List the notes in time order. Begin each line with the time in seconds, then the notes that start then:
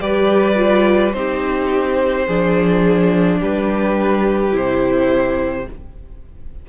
0.00 G3 G4 B4 D5
0.55 F4
1.12 C4 D#4 G4 C5
2.26 F3 D4 G#4
3.39 G3 G4 B4
4.51 C3 E4 C5